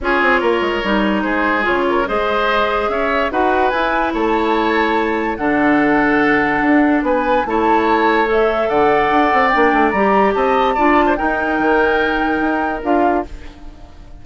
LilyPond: <<
  \new Staff \with { instrumentName = "flute" } { \time 4/4 \tempo 4 = 145 cis''2. c''4 | cis''4 dis''2 e''4 | fis''4 gis''4 a''2~ | a''4 fis''2.~ |
fis''4 gis''4 a''2 | e''4 fis''2 g''4 | ais''4 a''2 g''4~ | g''2. f''4 | }
  \new Staff \with { instrumentName = "oboe" } { \time 4/4 gis'4 ais'2 gis'4~ | gis'8 ais'8 c''2 cis''4 | b'2 cis''2~ | cis''4 a'2.~ |
a'4 b'4 cis''2~ | cis''4 d''2.~ | d''4 dis''4 d''8. c''16 ais'4~ | ais'1 | }
  \new Staff \with { instrumentName = "clarinet" } { \time 4/4 f'2 dis'2 | f'4 gis'2. | fis'4 e'2.~ | e'4 d'2.~ |
d'2 e'2 | a'2. d'4 | g'2 f'4 dis'4~ | dis'2. f'4 | }
  \new Staff \with { instrumentName = "bassoon" } { \time 4/4 cis'8 c'8 ais8 gis8 g4 gis4 | cis4 gis2 cis'4 | dis'4 e'4 a2~ | a4 d2. |
d'4 b4 a2~ | a4 d4 d'8 c'8 ais8 a8 | g4 c'4 d'4 dis'4 | dis2 dis'4 d'4 | }
>>